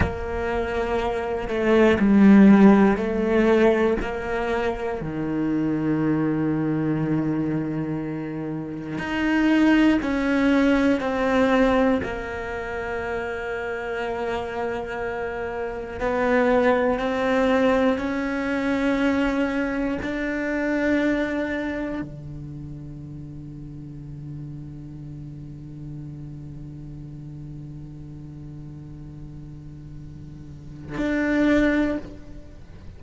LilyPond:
\new Staff \with { instrumentName = "cello" } { \time 4/4 \tempo 4 = 60 ais4. a8 g4 a4 | ais4 dis2.~ | dis4 dis'4 cis'4 c'4 | ais1 |
b4 c'4 cis'2 | d'2 d2~ | d1~ | d2. d'4 | }